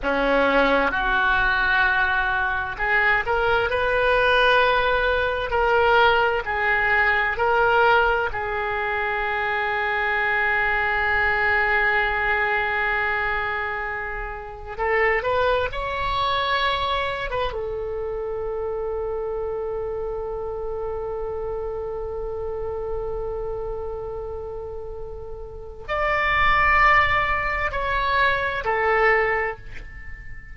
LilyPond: \new Staff \with { instrumentName = "oboe" } { \time 4/4 \tempo 4 = 65 cis'4 fis'2 gis'8 ais'8 | b'2 ais'4 gis'4 | ais'4 gis'2.~ | gis'1 |
a'8 b'8 cis''4.~ cis''16 b'16 a'4~ | a'1~ | a'1 | d''2 cis''4 a'4 | }